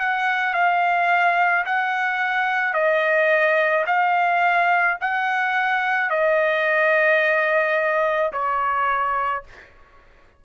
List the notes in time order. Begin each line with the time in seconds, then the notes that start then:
0.00 F#5
0.54 F5
1.66 F#5
2.74 D#5
3.87 F5
5.01 F#5
6.11 D#5
8.33 C#5